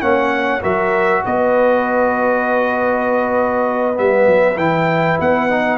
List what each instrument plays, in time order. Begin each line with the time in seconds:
0.00 tuba A#3, trombone C#4, horn C#5, trumpet F#5
0.61 tuba F#3, trombone F#4, horn A#4, trumpet E5
1.24 tuba B3, horn B4, trumpet D#5
3.94 tuba G3, trombone B3, trumpet E5
4.27 tuba F#3
4.56 tuba E3, trombone E4, trumpet G5
5.20 tuba B3, trumpet F#5
5.49 trombone D#4